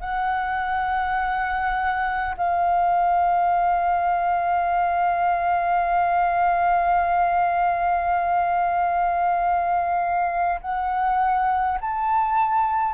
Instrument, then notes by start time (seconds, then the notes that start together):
flute
0.00 F#5
2.37 F5
10.61 F#5
11.81 A5